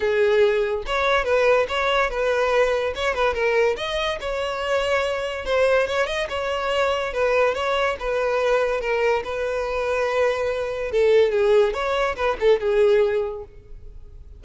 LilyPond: \new Staff \with { instrumentName = "violin" } { \time 4/4 \tempo 4 = 143 gis'2 cis''4 b'4 | cis''4 b'2 cis''8 b'8 | ais'4 dis''4 cis''2~ | cis''4 c''4 cis''8 dis''8 cis''4~ |
cis''4 b'4 cis''4 b'4~ | b'4 ais'4 b'2~ | b'2 a'4 gis'4 | cis''4 b'8 a'8 gis'2 | }